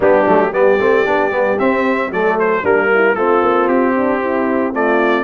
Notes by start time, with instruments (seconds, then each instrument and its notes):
0.00 tuba G3, trombone B3, horn D4, trumpet G4
0.26 tuba F#3, trombone A3
0.52 tuba G3, trombone B3, horn G4, trumpet D5
0.79 tuba A3, trombone C4
1.05 tuba B3, trombone D4
1.31 tuba G3, trombone B3
1.58 trombone C4, tuba C4, trumpet E5
2.10 tuba F#3, trombone A3, horn A4, trumpet D5
2.39 trumpet C5
2.62 tuba G3, trombone A#3, horn D4, trumpet A#4
2.94 horn E4
3.14 tuba A3, trombone C4, horn F4, trumpet A4
3.42 tuba A#3
3.67 tuba C4, trumpet G4
3.95 horn D4
4.20 horn E4
4.73 trombone A3, horn F4, trumpet D5